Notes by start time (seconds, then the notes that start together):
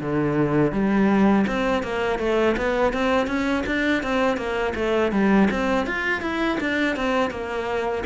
0.00 D3
0.72 G3
1.47 C4
1.83 A#3
2.19 A3
2.57 B3
2.93 C4
3.27 C#4
3.66 D4
4.02 C4
4.37 A#3
4.75 A3
5.12 G3
5.50 C4
5.86 F4
6.21 E4
6.60 D4
6.96 C4
7.30 A#3